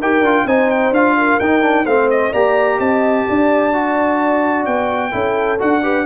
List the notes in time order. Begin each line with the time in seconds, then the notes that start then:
0.00 D#4 G4 A#4 G5
0.21 D4 F4
0.45 C4 D#4 C5 G#5
0.70 G5
0.91 D4 F4 F5
1.18 A#4
1.39 D#4 G5
1.62 D4
1.85 A3 C4 C5 F5
2.10 D#5
2.31 A#3 G4 D5 A#5
2.79 C4 D#5 A5
3.29 D4 D5
3.73 F#4
4.66 B3 G5
5.12 C#4 E4 A4
5.59 D4 F#4 F#5
5.82 G4 B4